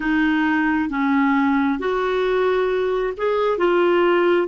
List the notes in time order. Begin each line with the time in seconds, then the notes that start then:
0.00 D#4
0.90 C#4
1.79 F#4
3.17 G#4
3.58 F4